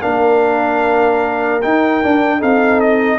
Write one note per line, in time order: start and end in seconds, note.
0.00 1.63 A#3
0.00 1.61 D4
0.00 2.38 A#4
0.00 1.61 F5
1.62 2.02 D#4
1.62 2.03 D#4
1.62 2.42 G5
2.02 2.39 D4
2.02 2.42 D4
2.38 3.19 C4
2.38 3.19 D#4
2.38 3.18 A4
2.38 2.80 F5
2.80 3.19 D#5